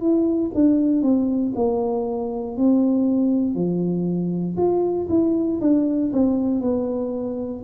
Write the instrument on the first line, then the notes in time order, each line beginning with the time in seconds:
tuba
0.00 E4
0.54 D4
1.02 C4
1.55 A#3
2.57 C4
3.55 F3
4.57 F4
5.09 E4
5.61 D4
6.13 C4
6.61 B3